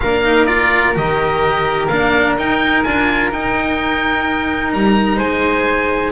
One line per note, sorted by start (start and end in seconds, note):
0.00 0.96 A#3
0.00 0.24 D4
0.00 5.16 A#4
0.00 0.45 F5
0.24 0.47 D#4
0.45 0.94 F4
0.45 0.93 D5
0.94 1.89 D#3
0.94 1.88 G4
0.94 1.87 D#5
1.87 2.36 A#3
1.87 2.38 D4
1.87 2.34 F5
2.37 2.84 D#4
2.37 2.85 D#4
2.37 2.83 G5
2.83 3.32 D4
2.83 3.32 F4
2.83 3.30 G#5
3.32 6.12 D#4
3.32 4.73 D#4
3.32 4.73 G5
4.73 5.19 G3
4.73 5.19 A#5
5.16 6.12 G#3
5.16 6.11 C5
5.16 6.12 G#5